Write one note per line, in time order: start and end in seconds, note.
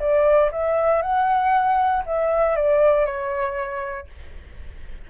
0.00 0.51 D5
0.52 1.02 E5
1.02 2.04 F#5
2.06 2.56 E5
2.56 3.06 D5
3.06 4.08 C#5